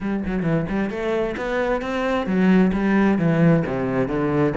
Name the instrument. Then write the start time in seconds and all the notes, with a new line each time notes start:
cello
0.00 G3
0.26 F#3
0.42 E3
0.69 G3
0.90 A3
1.36 B3
1.81 C4
2.26 F#3
2.73 G3
3.18 E3
3.66 C3
4.08 D3